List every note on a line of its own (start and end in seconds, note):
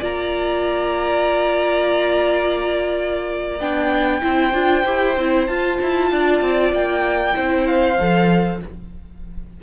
0.00 3.60 A#3
0.00 3.60 F4
0.00 4.22 D5
0.00 3.60 A#5
3.60 4.22 B3
3.60 4.22 D4
3.60 5.47 G5
4.22 4.54 C4
4.22 4.53 E4
4.22 6.11 C5
4.54 4.85 D4
4.54 4.85 F4
4.86 5.17 E4
4.86 5.17 G4
5.17 5.48 C4
5.17 5.49 E4
5.47 5.80 F4
5.47 7.33 F4
5.47 6.72 A5
5.83 6.11 E4
6.11 6.42 D4
6.11 7.36 D5
6.42 6.73 C4
6.73 7.35 A#3
6.73 7.67 G5
7.33 7.99 C4
7.33 7.96 E4
7.33 8.61 C5
7.67 8.61 F5
8.00 8.63 F3
8.00 8.62 A4